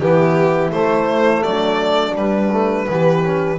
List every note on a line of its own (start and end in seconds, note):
0.00 0.71 E3
0.00 0.73 B3
0.00 1.45 E4
0.00 0.72 G4
0.71 1.42 A3
0.71 2.14 A3
0.71 1.43 C5
1.43 2.16 F#3
1.43 2.90 D4
1.43 2.15 D5
2.14 2.50 G3
2.14 2.87 G3
2.14 3.59 B4
2.52 2.87 A3
2.88 3.59 E3
2.88 3.24 B3
2.88 3.59 G4
3.24 3.59 C#4